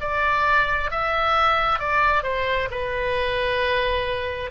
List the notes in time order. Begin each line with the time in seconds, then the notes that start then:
0.00 D5
0.90 E5
1.79 D5
2.23 C5
2.71 B4